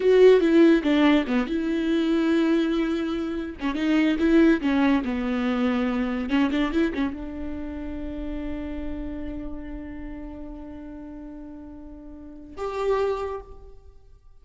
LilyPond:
\new Staff \with { instrumentName = "viola" } { \time 4/4 \tempo 4 = 143 fis'4 e'4 d'4 b8 e'8~ | e'1~ | e'8 cis'8 dis'4 e'4 cis'4 | b2. cis'8 d'8 |
e'8 cis'8 d'2.~ | d'1~ | d'1~ | d'2 g'2 | }